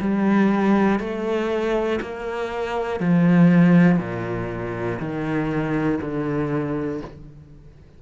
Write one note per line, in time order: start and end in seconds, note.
0.00 1.00 G3
1.00 2.00 A3
2.01 3.00 A#3
3.00 3.99 F3
3.99 4.99 A#2
5.00 6.00 D#3
6.01 7.01 D3